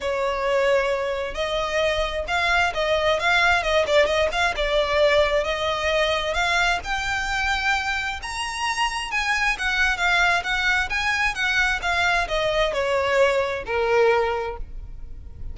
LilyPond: \new Staff \with { instrumentName = "violin" } { \time 4/4 \tempo 4 = 132 cis''2. dis''4~ | dis''4 f''4 dis''4 f''4 | dis''8 d''8 dis''8 f''8 d''2 | dis''2 f''4 g''4~ |
g''2 ais''2 | gis''4 fis''4 f''4 fis''4 | gis''4 fis''4 f''4 dis''4 | cis''2 ais'2 | }